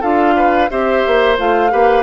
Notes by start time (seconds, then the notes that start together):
0.00 D4 F4 A4 F5
0.36 B4
0.69 C4 G4 C5 E5
1.06 A#3
1.37 A3 F4 F5
1.70 A#3 G4 B4